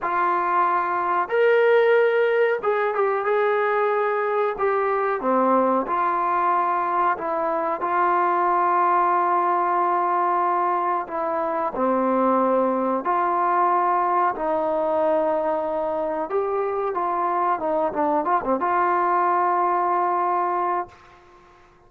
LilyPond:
\new Staff \with { instrumentName = "trombone" } { \time 4/4 \tempo 4 = 92 f'2 ais'2 | gis'8 g'8 gis'2 g'4 | c'4 f'2 e'4 | f'1~ |
f'4 e'4 c'2 | f'2 dis'2~ | dis'4 g'4 f'4 dis'8 d'8 | f'16 c'16 f'2.~ f'8 | }